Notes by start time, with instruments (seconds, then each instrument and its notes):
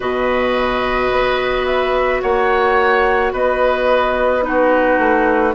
0.00 bassoon B2, clarinet F#4, oboe B4, flute D#5
1.11 bassoon B3
1.65 flute E5
2.21 bassoon A#3, oboe C#5, flute F#5
3.32 bassoon B3, oboe B4, flute D#5
4.42 clarinet D#4, oboe F#4, flute B4
4.98 bassoon A3